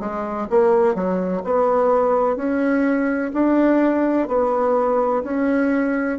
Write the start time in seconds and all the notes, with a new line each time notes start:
0.00 G#3
0.50 A#3
0.94 F#3
1.44 B3
2.36 C#4
3.33 D4
4.28 B3
5.23 C#4